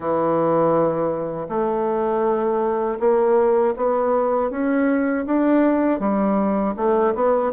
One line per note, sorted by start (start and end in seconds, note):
0.00 1.47 E3
1.48 2.98 A3
2.99 3.74 A#3
3.76 4.50 B3
4.50 5.25 C#4
5.26 5.99 D4
5.99 6.74 G3
6.76 7.14 A3
7.15 7.52 B3